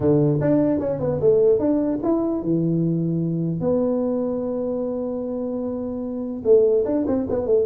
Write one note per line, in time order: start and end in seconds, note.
0.00 0.40 D3
0.40 0.79 D4
0.79 0.99 C#4
0.99 1.19 B3
1.20 1.59 A3
1.59 1.99 D4
2.02 2.42 E4
2.42 3.60 E3
3.60 6.42 B3
6.44 6.84 A3
6.85 7.05 D4
7.07 7.27 C4
7.29 7.46 B3
7.46 7.65 A3